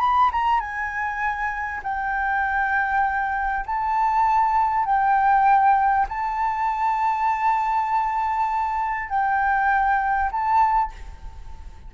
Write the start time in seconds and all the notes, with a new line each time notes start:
0.00 B5
0.33 A#5
0.60 G#5
1.83 G5
3.66 A5
4.86 G5
6.09 A5
9.10 G5
10.32 A5